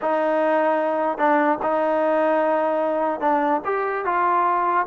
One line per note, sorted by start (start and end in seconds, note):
0.01 1.18 D#4
1.18 1.58 D4
1.62 3.20 D#4
3.20 3.61 D4
3.64 4.05 G4
4.05 4.86 F4